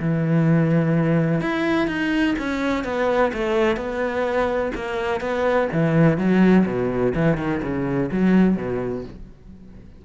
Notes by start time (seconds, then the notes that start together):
0.00 E3
1.41 E4
1.88 D#4
2.39 C#4
2.84 B3
3.34 A3
3.77 B3
4.75 A#3
5.21 B3
5.73 E3
6.18 F#3
6.66 B2
7.15 E3
7.38 D#3
7.63 C#3
8.12 F#3
8.57 B2